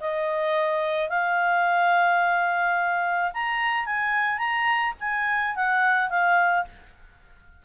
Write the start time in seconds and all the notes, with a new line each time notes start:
0.00 D#5
1.09 F5
3.34 A#5
3.86 G#5
4.38 A#5
5.00 G#5
5.56 F#5
6.09 F5